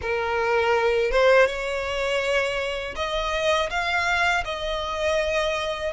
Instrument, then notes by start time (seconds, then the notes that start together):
violin
0.01 A#4
1.11 C5
1.46 C#5
2.95 D#5
3.69 F5
4.44 D#5